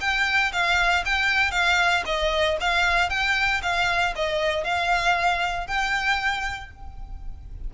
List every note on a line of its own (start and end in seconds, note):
0.00 0.52 G5
0.52 1.04 F5
1.05 1.51 G5
1.51 2.03 F5
2.05 2.57 D#5
2.60 3.09 F5
3.09 3.61 G5
3.62 4.14 F5
4.15 4.64 D#5
4.64 5.67 F5
5.67 6.70 G5